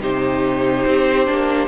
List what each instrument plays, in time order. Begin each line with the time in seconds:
0.00 cello C3, viola D#4, violin G4 C5
0.86 cello C4
1.26 cello A#3, viola D4